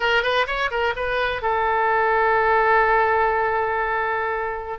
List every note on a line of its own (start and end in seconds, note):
0.00 0.22 A#4
0.22 0.46 B4
0.46 0.70 C#5
0.70 0.94 A#4
0.96 1.42 B4
1.42 4.79 A4